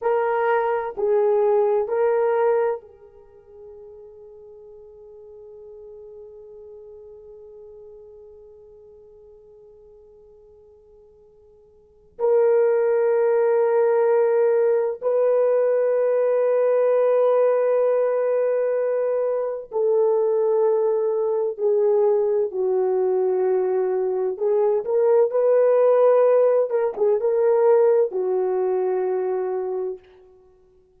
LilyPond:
\new Staff \with { instrumentName = "horn" } { \time 4/4 \tempo 4 = 64 ais'4 gis'4 ais'4 gis'4~ | gis'1~ | gis'1~ | gis'4 ais'2. |
b'1~ | b'4 a'2 gis'4 | fis'2 gis'8 ais'8 b'4~ | b'8 ais'16 gis'16 ais'4 fis'2 | }